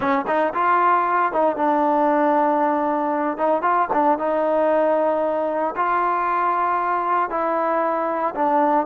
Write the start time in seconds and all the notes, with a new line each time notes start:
0.00 C#4
0.27 D#4
0.54 F4
1.32 D#4
1.56 D4
3.37 D#4
3.62 F4
3.92 D4
4.18 D#4
5.75 F4
7.29 E4
8.35 D4